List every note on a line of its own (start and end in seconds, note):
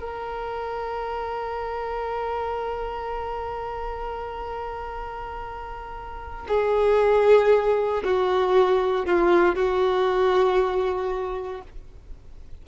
0.00 6.47 A#4
6.48 8.03 G#4
8.04 9.06 F#4
9.06 9.55 F4
9.55 11.62 F#4